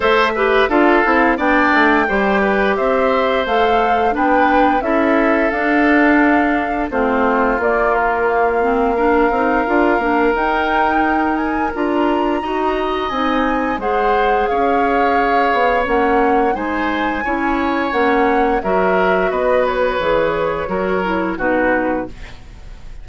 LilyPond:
<<
  \new Staff \with { instrumentName = "flute" } { \time 4/4 \tempo 4 = 87 e''4 f''4 g''2 | e''4 f''4 g''4 e''4 | f''2 c''4 d''8 ais'8 | f''2. g''4~ |
g''8 gis''8 ais''2 gis''4 | fis''4 f''2 fis''4 | gis''2 fis''4 e''4 | dis''8 cis''2~ cis''8 b'4 | }
  \new Staff \with { instrumentName = "oboe" } { \time 4/4 c''8 b'8 a'4 d''4 c''8 b'8 | c''2 b'4 a'4~ | a'2 f'2~ | f'4 ais'2.~ |
ais'2 dis''2 | c''4 cis''2. | c''4 cis''2 ais'4 | b'2 ais'4 fis'4 | }
  \new Staff \with { instrumentName = "clarinet" } { \time 4/4 a'8 g'8 f'8 e'8 d'4 g'4~ | g'4 a'4 d'4 e'4 | d'2 c'4 ais4~ | ais8 c'8 d'8 dis'8 f'8 d'8 dis'4~ |
dis'4 f'4 fis'4 dis'4 | gis'2. cis'4 | dis'4 e'4 cis'4 fis'4~ | fis'4 gis'4 fis'8 e'8 dis'4 | }
  \new Staff \with { instrumentName = "bassoon" } { \time 4/4 a4 d'8 c'8 b8 a8 g4 | c'4 a4 b4 cis'4 | d'2 a4 ais4~ | ais4. c'8 d'8 ais8 dis'4~ |
dis'4 d'4 dis'4 c'4 | gis4 cis'4. b8 ais4 | gis4 cis'4 ais4 fis4 | b4 e4 fis4 b,4 | }
>>